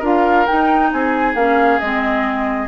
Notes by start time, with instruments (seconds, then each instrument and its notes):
0.00 bassoon D4, clarinet F4, oboe A#4, flute F5
0.47 clarinet D#4, bassoon D#4, flute G5
0.93 bassoon C4, oboe G#4, flute G#5
1.35 bassoon A#3, clarinet C#4, flute F5
1.80 bassoon G#3, clarinet C4, flute D#5